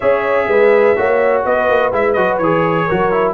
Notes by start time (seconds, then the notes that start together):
0.00 C#4 G#4 C#5 E5
0.48 G#3 B4
0.96 A#3 F#4 C#5
1.45 B3 B4 D#5
1.69 A#3
1.92 G#3 E4 E5
2.12 F#3 F#4 D#5
2.37 E3 G#4 C#5
2.86 F#3 F#4 A#4
3.11 E4